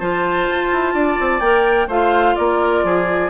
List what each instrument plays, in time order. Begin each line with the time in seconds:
0.00 bassoon F3, clarinet F4, oboe C5, flute A5
0.51 bassoon F4
0.73 bassoon E4
0.95 bassoon D4, oboe D5
1.20 bassoon C4
1.41 bassoon A#3, clarinet A#4, flute G5
1.88 bassoon A3, clarinet F4, oboe C5, flute F5
2.36 bassoon A#3, oboe A#4, flute D5
2.84 bassoon F3, oboe G#4